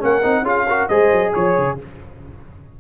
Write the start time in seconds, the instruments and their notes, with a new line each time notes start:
0.00 tuba A#3, trombone C#4, horn A#4, trumpet F#5
0.23 tuba C4, trombone D#4
0.43 tuba C#4, trombone F4, horn G#4, trumpet F5
0.68 trombone F#4, horn A#4
0.89 tuba G#3, trombone G#4, horn C5, trumpet D#5
1.11 tuba F#3
1.32 tuba F3, horn C#5, trumpet C#5
1.58 tuba C#3